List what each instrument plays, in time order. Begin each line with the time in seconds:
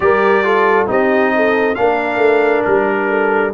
0.00 tuba G3, trombone G4, horn A#4, trumpet D5
0.44 trombone F4, horn A4
0.87 tuba C4, trombone D#4, horn G4, trumpet D#5
1.35 horn A4
1.74 tuba A#3, trombone D4, horn A#4, trumpet F5
2.17 tuba A3
2.64 tuba G3, trumpet A#4
3.09 horn A4